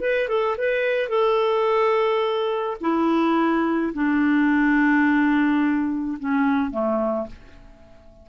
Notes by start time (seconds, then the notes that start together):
0.00 B4
0.28 A4
0.57 B4
1.09 A4
2.80 E4
3.94 D4
6.19 C#4
6.71 A3